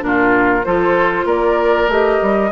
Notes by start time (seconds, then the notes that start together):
0.00 A#2 D4 A#4
0.07 F4
0.64 F3 F4 A4 C5
1.25 A#3 A#4 D5
1.88 A3 G4 D#5
2.22 G3